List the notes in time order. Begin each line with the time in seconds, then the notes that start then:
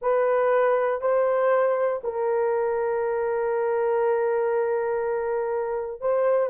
0.01 B4
1.01 C5
2.03 A#4
6.00 C5